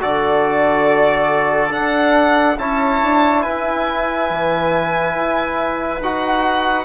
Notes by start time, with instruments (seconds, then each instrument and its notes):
0.00 bassoon D3, trombone F#4, trumpet A4, violin D5
1.70 trombone D4, bassoon D4, violin F#5
2.58 bassoon C#4, trombone E4, trumpet C#5, violin A5
3.03 bassoon D4
3.42 bassoon E4, trumpet B4, violin G#5
4.29 bassoon E3
5.15 bassoon E4
6.00 bassoon D#4, trombone F#4, violin F#5